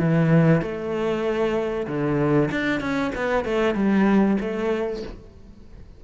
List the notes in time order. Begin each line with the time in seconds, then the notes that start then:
0.00 E3
0.62 A3
1.88 D3
2.51 D4
2.80 C#4
3.15 B3
3.45 A3
3.75 G3
4.40 A3